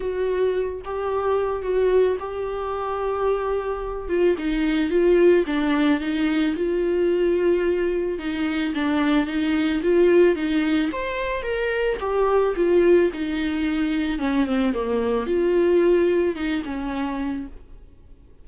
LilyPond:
\new Staff \with { instrumentName = "viola" } { \time 4/4 \tempo 4 = 110 fis'4. g'4. fis'4 | g'2.~ g'8 f'8 | dis'4 f'4 d'4 dis'4 | f'2. dis'4 |
d'4 dis'4 f'4 dis'4 | c''4 ais'4 g'4 f'4 | dis'2 cis'8 c'8 ais4 | f'2 dis'8 cis'4. | }